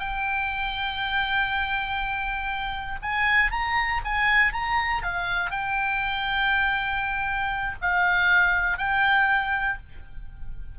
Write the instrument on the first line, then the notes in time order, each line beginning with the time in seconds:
oboe
0.00 G5
3.02 G#5
3.52 A#5
4.05 G#5
4.53 A#5
5.03 F5
5.51 G5
7.82 F5
8.78 G5